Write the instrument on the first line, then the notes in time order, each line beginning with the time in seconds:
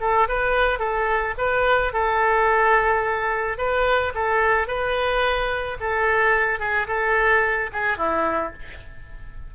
oboe
0.00 A4
0.28 B4
0.79 A4
1.38 B4
1.93 A4
3.58 B4
4.14 A4
4.67 B4
5.80 A4
6.59 G#4
6.87 A4
7.72 G#4
7.97 E4